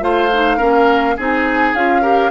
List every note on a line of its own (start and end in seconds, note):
0.00 0.58 A3
0.00 0.29 F4
0.00 0.57 C5
0.00 1.17 F5
0.33 0.58 D#4
0.57 1.17 A#3
0.57 1.15 C#4
0.57 1.14 A#4
1.17 1.74 C4
1.17 1.75 D#4
1.17 2.02 G#4
1.17 1.75 G#5
1.74 2.30 C#4
1.74 2.02 F4
1.74 2.30 F5
2.02 2.30 G4
2.02 2.30 A#4